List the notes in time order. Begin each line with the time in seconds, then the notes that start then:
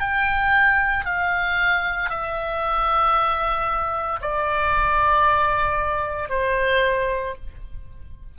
0.00 G5
1.05 F5
2.10 E5
4.21 D5
6.29 C5